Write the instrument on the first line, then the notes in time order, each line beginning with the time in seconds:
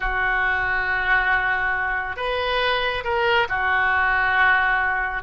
oboe
0.00 F#4
2.16 B4
3.04 A#4
3.48 F#4